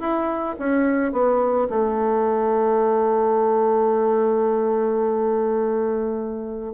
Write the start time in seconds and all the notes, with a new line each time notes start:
0.00 E4
0.59 C#4
1.12 B3
1.69 A3